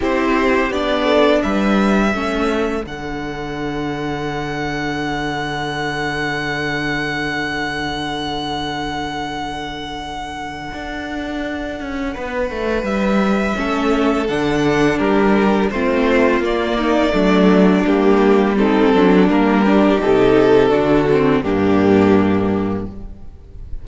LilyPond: <<
  \new Staff \with { instrumentName = "violin" } { \time 4/4 \tempo 4 = 84 c''4 d''4 e''2 | fis''1~ | fis''1~ | fis''1~ |
fis''2 e''2 | fis''4 ais'4 c''4 d''4~ | d''4 g'4 a'4 ais'4 | a'2 g'2 | }
  \new Staff \with { instrumentName = "violin" } { \time 4/4 g'4. a'8 b'4 a'4~ | a'1~ | a'1~ | a'1~ |
a'4 b'2 a'4~ | a'4 g'4 f'4. dis'8 | d'2 dis'8 d'4 g'8~ | g'4 fis'4 d'2 | }
  \new Staff \with { instrumentName = "viola" } { \time 4/4 e'4 d'2 cis'4 | d'1~ | d'1~ | d'1~ |
d'2. cis'4 | d'2 c'4 ais4 | a4 ais4 c'4 ais8 d'8 | dis'4 d'8 c'8 ais2 | }
  \new Staff \with { instrumentName = "cello" } { \time 4/4 c'4 b4 g4 a4 | d1~ | d1~ | d2. d'4~ |
d'8 cis'8 b8 a8 g4 a4 | d4 g4 a4 ais4 | fis4 g4. fis8 g4 | c4 d4 g,2 | }
>>